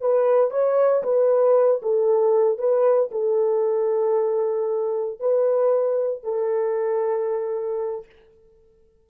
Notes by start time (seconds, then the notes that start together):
0.00 B4
0.50 C#5
1.03 B4
1.82 A4
2.58 B4
3.11 A4
5.20 B4
6.23 A4